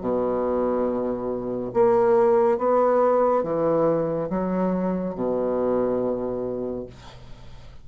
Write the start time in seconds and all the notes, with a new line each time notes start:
0.00 B2
1.73 A#3
2.58 B3
3.43 E3
4.29 F#3
5.15 B2